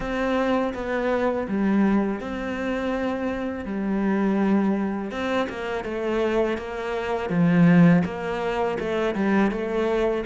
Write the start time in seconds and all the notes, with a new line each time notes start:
0.00 C4
0.74 B3
1.48 G3
2.20 C4
3.65 G3
5.11 C4
5.49 A#3
5.84 A3
6.57 A#3
7.29 F3
8.04 A#3
8.79 A3
9.14 G3
9.51 A3